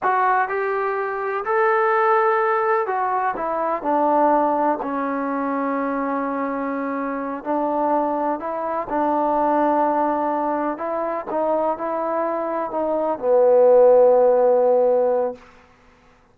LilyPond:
\new Staff \with { instrumentName = "trombone" } { \time 4/4 \tempo 4 = 125 fis'4 g'2 a'4~ | a'2 fis'4 e'4 | d'2 cis'2~ | cis'2.~ cis'8 d'8~ |
d'4. e'4 d'4.~ | d'2~ d'8 e'4 dis'8~ | dis'8 e'2 dis'4 b8~ | b1 | }